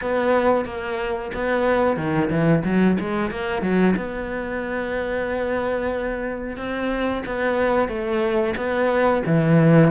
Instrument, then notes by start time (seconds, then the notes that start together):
cello
0.01 B3
0.65 A#3
1.34 B3
1.96 D#3
2.30 E3
2.64 F#3
2.99 G#3
3.30 A#3
3.61 F#3
3.96 B3
6.56 C4
7.25 B3
7.88 A3
8.56 B3
9.25 E3